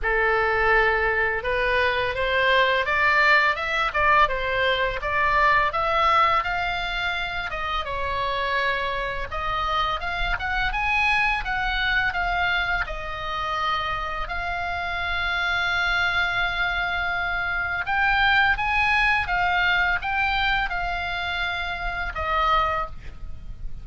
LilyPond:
\new Staff \with { instrumentName = "oboe" } { \time 4/4 \tempo 4 = 84 a'2 b'4 c''4 | d''4 e''8 d''8 c''4 d''4 | e''4 f''4. dis''8 cis''4~ | cis''4 dis''4 f''8 fis''8 gis''4 |
fis''4 f''4 dis''2 | f''1~ | f''4 g''4 gis''4 f''4 | g''4 f''2 dis''4 | }